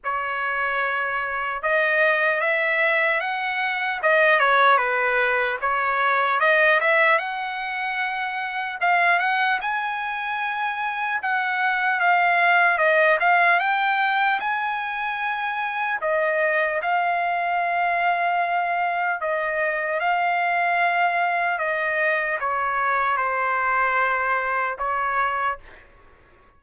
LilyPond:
\new Staff \with { instrumentName = "trumpet" } { \time 4/4 \tempo 4 = 75 cis''2 dis''4 e''4 | fis''4 dis''8 cis''8 b'4 cis''4 | dis''8 e''8 fis''2 f''8 fis''8 | gis''2 fis''4 f''4 |
dis''8 f''8 g''4 gis''2 | dis''4 f''2. | dis''4 f''2 dis''4 | cis''4 c''2 cis''4 | }